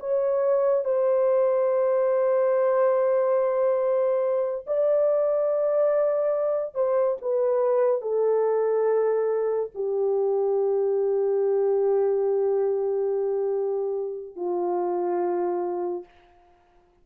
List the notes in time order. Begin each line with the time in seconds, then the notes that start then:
0.00 C#5
0.85 C5
4.67 D5
6.75 C5
7.21 B4
8.02 A4
9.75 G4
14.36 F4